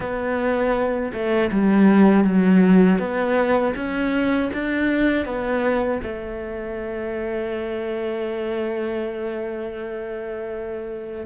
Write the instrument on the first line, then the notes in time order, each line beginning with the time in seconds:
cello
0.00 B3
1.12 A3
1.51 G3
2.24 F#3
2.99 B3
3.75 C#4
4.53 D4
5.25 B3
6.02 A3